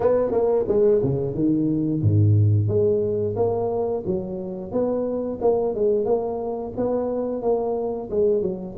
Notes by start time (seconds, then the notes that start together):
0.00 B3
0.31 A#3
0.67 G#3
1.03 C#3
1.34 D#3
2.01 G#2
2.68 G#3
3.36 A#3
4.05 F#3
4.71 B3
5.41 A#3
5.75 G#3
6.05 A#3
6.76 B3
7.42 A#3
8.10 G#3
8.42 F#3